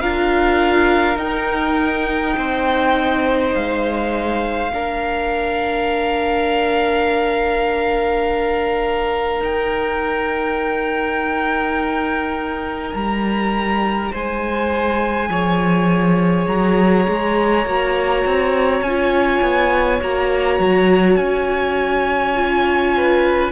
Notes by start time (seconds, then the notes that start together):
0.00 D4 F4 A#4 F5
1.16 D#4 G5
2.37 C4 C5
3.55 G#3 F5
4.72 A#3 D4 A#4
9.40 D#4 G5
12.94 G3 A#5
14.12 G#3 C5 G#5
15.29 F3 G#4 C#5
16.48 F#3 A#5
17.09 G#3
17.66 A#3 F#4
18.26 C4
18.82 C#4 F4 G#5
19.42 B3
20.01 A#3 F#4 A#5
20.59 F#3
21.17 C#4 G#5
22.34 F4
22.97 B4